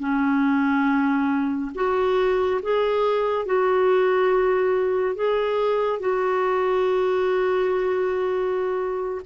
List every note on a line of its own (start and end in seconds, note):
0.00 1.71 C#4
1.75 2.61 F#4
2.63 3.46 G#4
3.46 5.15 F#4
5.15 6.00 G#4
6.00 9.21 F#4